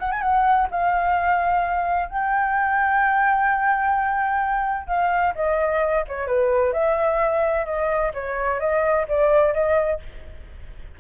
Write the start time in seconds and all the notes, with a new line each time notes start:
0.00 F#5
0.12 G#5
0.22 F#5
0.71 F5
2.09 G5
4.88 F5
5.35 D#5
6.08 C#5
6.27 B4
6.73 E5
7.66 D#5
8.14 C#5
8.60 D#5
9.08 D5
9.54 D#5